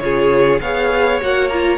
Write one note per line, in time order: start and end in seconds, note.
0.00 0.59 C#3
0.00 0.60 F4
0.00 0.62 G#4
0.00 0.60 C#5
0.61 1.21 B3
0.61 1.21 G#4
0.61 1.78 C#5
0.61 1.20 F5
1.21 1.78 A#3
1.21 1.50 F#4
1.21 1.49 F#5
1.49 1.78 F4
1.49 1.78 A#5